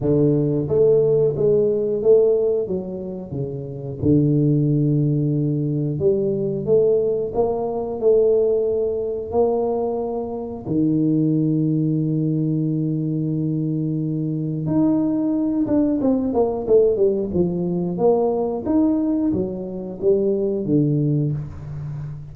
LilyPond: \new Staff \with { instrumentName = "tuba" } { \time 4/4 \tempo 4 = 90 d4 a4 gis4 a4 | fis4 cis4 d2~ | d4 g4 a4 ais4 | a2 ais2 |
dis1~ | dis2 dis'4. d'8 | c'8 ais8 a8 g8 f4 ais4 | dis'4 fis4 g4 d4 | }